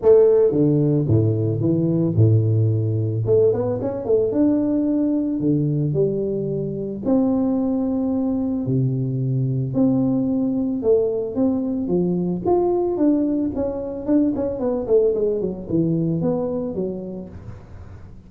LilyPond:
\new Staff \with { instrumentName = "tuba" } { \time 4/4 \tempo 4 = 111 a4 d4 a,4 e4 | a,2 a8 b8 cis'8 a8 | d'2 d4 g4~ | g4 c'2. |
c2 c'2 | a4 c'4 f4 f'4 | d'4 cis'4 d'8 cis'8 b8 a8 | gis8 fis8 e4 b4 fis4 | }